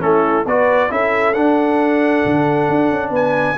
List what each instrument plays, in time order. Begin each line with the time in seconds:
0.00 tuba A3, trombone C#4, horn E4, trumpet A4
0.46 tuba B3, trombone F#4, horn B4, trumpet D5
0.90 tuba C#4, trombone E4, horn A4, trumpet E5
1.34 trombone D4, tuba D4, trumpet F#5
2.26 tuba D3
2.69 tuba D4
2.91 tuba C#4
3.11 tuba B3, horn B4, trumpet G#5